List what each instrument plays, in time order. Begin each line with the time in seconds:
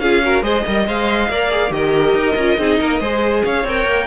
0.00 cello C#4, viola F4, violin G#4 F5
0.24 viola F#4, violin A#4
0.42 cello G#3, viola G#4, violin C5 D#5
0.67 cello G3, viola A#4, violin D#5
0.87 cello G#3, viola C5, violin F5
1.29 cello A#3, viola A#4, violin D5
1.51 viola G#4
1.70 cello D#3, viola G4, violin A#4 D#5
2.14 cello D#4
2.36 cello C#4, viola F4
2.58 cello C4, viola D#4, violin G#4
2.80 cello A#3, violin A#4
3.00 cello G#3, viola G#4, violin C5
3.45 cello C#4, violin C#5 F5
3.64 cello C4, viola A#4, violin G5
3.86 cello A#3